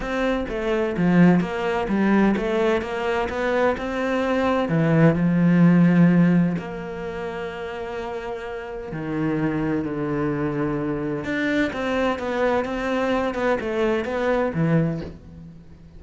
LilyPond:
\new Staff \with { instrumentName = "cello" } { \time 4/4 \tempo 4 = 128 c'4 a4 f4 ais4 | g4 a4 ais4 b4 | c'2 e4 f4~ | f2 ais2~ |
ais2. dis4~ | dis4 d2. | d'4 c'4 b4 c'4~ | c'8 b8 a4 b4 e4 | }